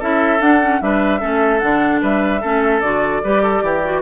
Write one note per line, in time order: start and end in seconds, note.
0.00 0.41 C#4
0.00 0.40 E4
0.00 0.81 A4
0.00 0.42 E5
0.40 0.60 D4
0.40 0.81 D4
0.40 0.82 F#5
0.62 0.81 C#4
0.81 1.22 G3
0.81 1.20 D4
0.81 1.21 B4
0.81 1.59 E5
1.20 1.63 A3
1.20 1.60 C#4
1.20 2.01 A4
1.59 2.03 D3
1.59 2.42 D4
1.59 2.00 F#5
2.02 2.43 G3
2.02 2.41 B4
2.02 2.81 E5
2.41 2.82 A3
2.41 2.83 C#4
2.41 3.22 A4
2.81 3.23 D3
2.81 3.24 F#4
2.81 4.02 D5
3.24 3.63 G3
3.24 3.84 G4
3.24 3.43 B4
3.43 3.63 A4
3.63 4.02 E3
3.63 4.02 G4
3.84 4.02 F#4